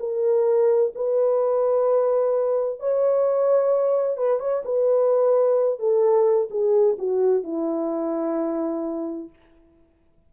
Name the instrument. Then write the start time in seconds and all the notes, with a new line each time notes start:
horn
0.00 A#4
0.96 B4
2.80 C#5
4.18 B4
4.40 C#5
4.65 B4
5.79 A4
6.51 G#4
6.99 F#4
7.44 E4